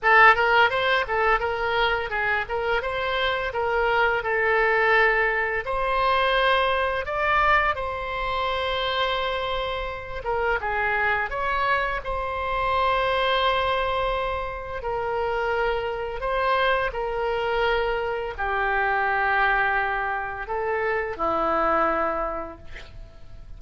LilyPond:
\new Staff \with { instrumentName = "oboe" } { \time 4/4 \tempo 4 = 85 a'8 ais'8 c''8 a'8 ais'4 gis'8 ais'8 | c''4 ais'4 a'2 | c''2 d''4 c''4~ | c''2~ c''8 ais'8 gis'4 |
cis''4 c''2.~ | c''4 ais'2 c''4 | ais'2 g'2~ | g'4 a'4 e'2 | }